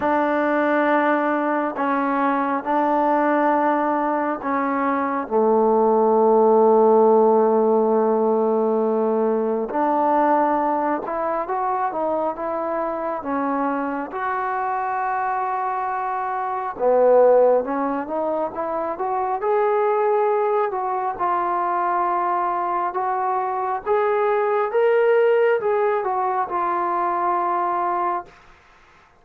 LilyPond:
\new Staff \with { instrumentName = "trombone" } { \time 4/4 \tempo 4 = 68 d'2 cis'4 d'4~ | d'4 cis'4 a2~ | a2. d'4~ | d'8 e'8 fis'8 dis'8 e'4 cis'4 |
fis'2. b4 | cis'8 dis'8 e'8 fis'8 gis'4. fis'8 | f'2 fis'4 gis'4 | ais'4 gis'8 fis'8 f'2 | }